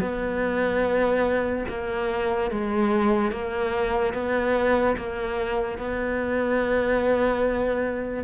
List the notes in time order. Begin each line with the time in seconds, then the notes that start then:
0.00 B3
1.68 A#3
2.51 G#3
3.31 A#3
4.14 B3
4.97 A#3
5.78 B3